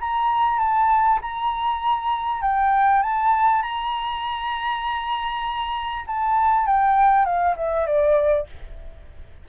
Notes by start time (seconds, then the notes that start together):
0.00 A#5
0.58 A5
1.21 A#5
2.41 G5
3.02 A5
3.62 A#5
6.06 A5
6.66 G5
7.25 F5
7.56 E5
7.86 D5